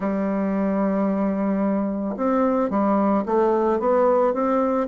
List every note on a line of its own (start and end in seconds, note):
0.00 2.15 G3
2.16 2.70 C4
2.70 3.24 G3
3.25 3.79 A3
3.79 4.33 B3
4.33 4.87 C4